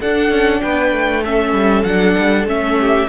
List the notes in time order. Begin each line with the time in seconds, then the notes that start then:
0.00 D4 A4 F#5
0.30 C#4
0.62 B3 B4 G5
0.92 A3
1.25 C#4 A4 E5
1.52 G3
1.84 F#3 D4 F#5
2.17 G3
2.46 A3 C#4 E5
2.80 G4